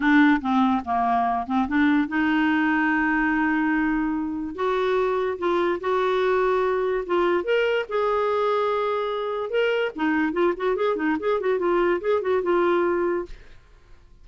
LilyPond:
\new Staff \with { instrumentName = "clarinet" } { \time 4/4 \tempo 4 = 145 d'4 c'4 ais4. c'8 | d'4 dis'2.~ | dis'2. fis'4~ | fis'4 f'4 fis'2~ |
fis'4 f'4 ais'4 gis'4~ | gis'2. ais'4 | dis'4 f'8 fis'8 gis'8 dis'8 gis'8 fis'8 | f'4 gis'8 fis'8 f'2 | }